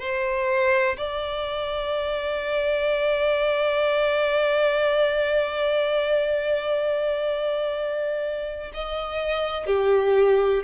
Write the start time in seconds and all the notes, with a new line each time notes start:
0.00 C5
0.97 D5
8.74 D#5
9.66 G4